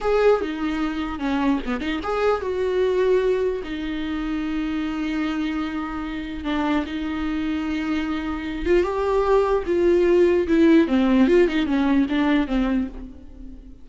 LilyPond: \new Staff \with { instrumentName = "viola" } { \time 4/4 \tempo 4 = 149 gis'4 dis'2 cis'4 | b8 dis'8 gis'4 fis'2~ | fis'4 dis'2.~ | dis'1 |
d'4 dis'2.~ | dis'4. f'8 g'2 | f'2 e'4 c'4 | f'8 dis'8 cis'4 d'4 c'4 | }